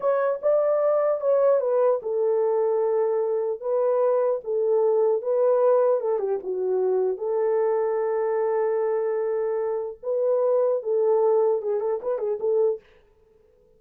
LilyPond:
\new Staff \with { instrumentName = "horn" } { \time 4/4 \tempo 4 = 150 cis''4 d''2 cis''4 | b'4 a'2.~ | a'4 b'2 a'4~ | a'4 b'2 a'8 g'8 |
fis'2 a'2~ | a'1~ | a'4 b'2 a'4~ | a'4 gis'8 a'8 b'8 gis'8 a'4 | }